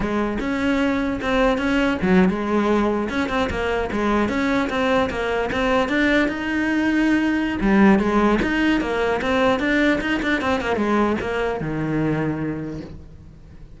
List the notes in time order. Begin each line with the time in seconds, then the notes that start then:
0.00 G#3
0.40 C#4
1.21 C4
1.58 C#4
2.01 F#3
2.29 G#3
3.09 C#4
3.29 C4
3.50 A#3
3.91 G#3
4.29 C#4
4.69 C4
5.10 A#3
5.51 C4
5.89 D4
6.28 D#4
7.61 G3
7.99 G#3
8.42 D#4
8.81 A#3
9.21 C4
9.59 D4
10.01 D#4
10.22 D4
10.41 C4
10.61 A#3
10.76 G#3
11.20 A#3
11.60 D#3